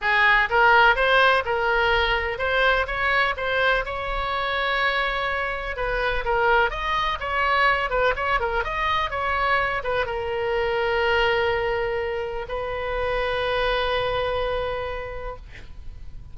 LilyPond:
\new Staff \with { instrumentName = "oboe" } { \time 4/4 \tempo 4 = 125 gis'4 ais'4 c''4 ais'4~ | ais'4 c''4 cis''4 c''4 | cis''1 | b'4 ais'4 dis''4 cis''4~ |
cis''8 b'8 cis''8 ais'8 dis''4 cis''4~ | cis''8 b'8 ais'2.~ | ais'2 b'2~ | b'1 | }